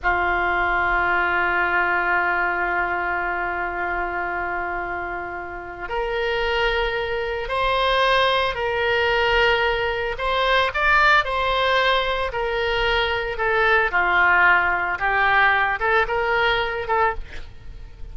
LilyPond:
\new Staff \with { instrumentName = "oboe" } { \time 4/4 \tempo 4 = 112 f'1~ | f'1~ | f'2. ais'4~ | ais'2 c''2 |
ais'2. c''4 | d''4 c''2 ais'4~ | ais'4 a'4 f'2 | g'4. a'8 ais'4. a'8 | }